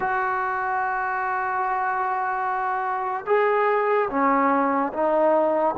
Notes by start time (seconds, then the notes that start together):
0.00 F#4
3.26 G#4
4.10 C#4
4.93 D#4